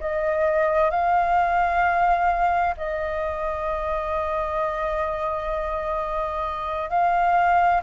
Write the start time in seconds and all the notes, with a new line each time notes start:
0.00 D#5
0.90 F5
2.77 D#5
6.89 F5